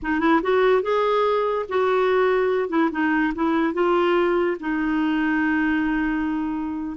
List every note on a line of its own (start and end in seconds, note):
0.02 0.20 D#4
0.20 0.41 E4
0.42 0.82 F#4
0.82 1.66 G#4
1.69 2.69 F#4
2.69 2.90 E4
2.91 3.33 D#4
3.34 3.73 E4
3.73 4.57 F4
4.60 6.97 D#4